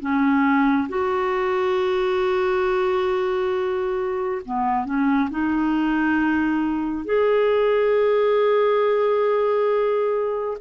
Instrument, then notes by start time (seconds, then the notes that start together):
clarinet
0.00 C#4
0.89 F#4
4.45 B3
4.85 C#4
5.31 D#4
7.05 G#4